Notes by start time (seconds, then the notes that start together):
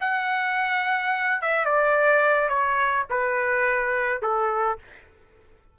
0.00 F#5
1.41 E5
1.65 D5
2.49 C#5
3.10 B4
4.22 A4